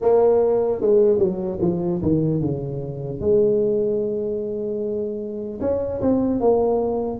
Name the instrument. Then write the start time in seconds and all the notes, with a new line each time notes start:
tuba
0.01 A#3
0.81 G#3
1.19 F#3
1.61 F3
2.02 D#3
2.41 C#3
3.20 G#3
5.60 C#4
6.01 C4
6.40 A#3